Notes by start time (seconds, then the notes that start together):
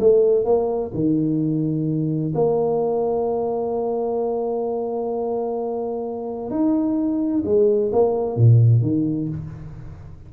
0.00 A3
0.45 A#3
0.94 D#3
2.35 A#3
6.50 D#4
7.45 G#3
7.93 A#3
8.37 A#2
8.82 D#3